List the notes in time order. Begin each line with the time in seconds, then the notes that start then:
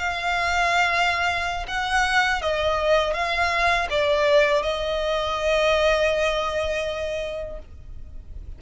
0.00 F5
1.68 F#5
2.42 D#5
3.14 F5
3.91 D5
4.63 D#5